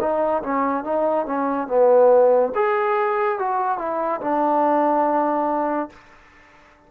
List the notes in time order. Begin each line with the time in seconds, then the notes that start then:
0.00 D#4
0.43 C#4
0.84 D#4
1.26 C#4
1.68 B3
2.55 G#4
3.39 F#4
3.78 E4
4.21 D4